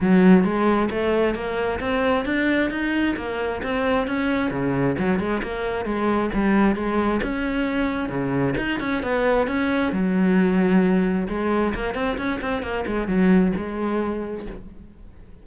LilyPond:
\new Staff \with { instrumentName = "cello" } { \time 4/4 \tempo 4 = 133 fis4 gis4 a4 ais4 | c'4 d'4 dis'4 ais4 | c'4 cis'4 cis4 fis8 gis8 | ais4 gis4 g4 gis4 |
cis'2 cis4 dis'8 cis'8 | b4 cis'4 fis2~ | fis4 gis4 ais8 c'8 cis'8 c'8 | ais8 gis8 fis4 gis2 | }